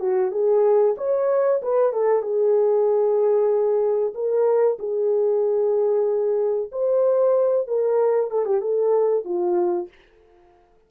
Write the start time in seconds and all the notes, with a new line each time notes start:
0.00 F#4
0.32 G#4
0.98 C#5
1.62 B4
1.93 A4
2.23 G#4
4.14 A#4
4.79 G#4
6.72 C5
7.67 A#4
8.31 A4
8.46 G4
8.61 A4
9.25 F4